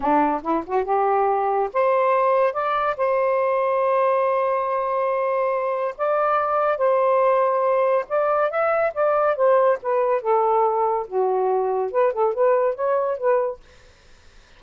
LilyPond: \new Staff \with { instrumentName = "saxophone" } { \time 4/4 \tempo 4 = 141 d'4 e'8 fis'8 g'2 | c''2 d''4 c''4~ | c''1~ | c''2 d''2 |
c''2. d''4 | e''4 d''4 c''4 b'4 | a'2 fis'2 | b'8 a'8 b'4 cis''4 b'4 | }